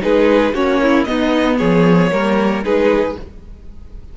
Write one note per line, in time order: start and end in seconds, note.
0.00 0.53 G#3
0.00 0.53 D#4
0.00 0.54 G#4
0.00 0.54 B4
0.53 1.06 A#3
0.53 1.06 C#4
0.53 0.80 F#4
0.53 1.04 C#5
0.82 1.08 E4
1.04 2.11 B3
1.04 1.60 B3
1.04 1.58 D#4
1.04 1.57 D#5
1.58 2.11 F3
1.58 2.11 G#4
1.58 2.63 C#5
2.11 2.63 G3
2.11 2.63 A#3
2.11 2.64 A#4
2.63 3.16 G#3
2.63 3.16 D#4
2.63 3.17 G#4
2.63 3.17 B4